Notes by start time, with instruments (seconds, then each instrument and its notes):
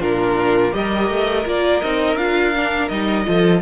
0.00 cello A#2, viola D4, violin F4 A#4
0.72 cello G3, viola G4, violin A#4 D#5
1.10 cello A3
1.46 cello A#3, viola F4, violin D5
1.81 cello C4, viola D#4, violin D#5
2.16 cello D4, viola F4, violin F5
2.56 viola D4
2.89 cello G3, viola D#4, violin D#5
3.25 cello F3, viola F4, violin A4